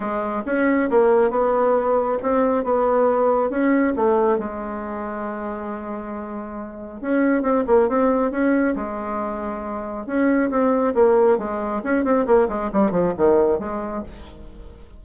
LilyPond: \new Staff \with { instrumentName = "bassoon" } { \time 4/4 \tempo 4 = 137 gis4 cis'4 ais4 b4~ | b4 c'4 b2 | cis'4 a4 gis2~ | gis1 |
cis'4 c'8 ais8 c'4 cis'4 | gis2. cis'4 | c'4 ais4 gis4 cis'8 c'8 | ais8 gis8 g8 f8 dis4 gis4 | }